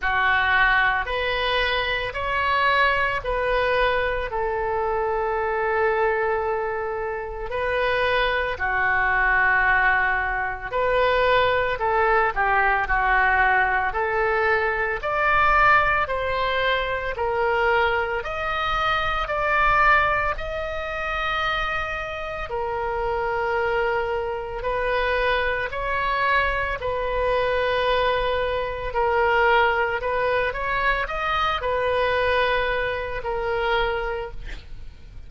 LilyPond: \new Staff \with { instrumentName = "oboe" } { \time 4/4 \tempo 4 = 56 fis'4 b'4 cis''4 b'4 | a'2. b'4 | fis'2 b'4 a'8 g'8 | fis'4 a'4 d''4 c''4 |
ais'4 dis''4 d''4 dis''4~ | dis''4 ais'2 b'4 | cis''4 b'2 ais'4 | b'8 cis''8 dis''8 b'4. ais'4 | }